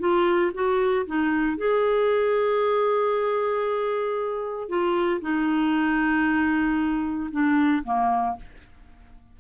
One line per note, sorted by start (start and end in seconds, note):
0.00 0.52 F4
0.54 1.06 F#4
1.07 1.58 D#4
1.58 4.69 G#4
4.69 5.21 F4
5.22 7.31 D#4
7.32 7.84 D4
7.85 8.37 A#3